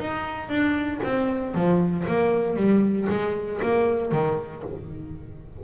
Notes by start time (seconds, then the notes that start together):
0.00 D#4
0.49 D4
1.04 C4
1.55 F3
2.08 A#3
2.57 G3
3.10 G#3
3.63 A#3
4.12 D#3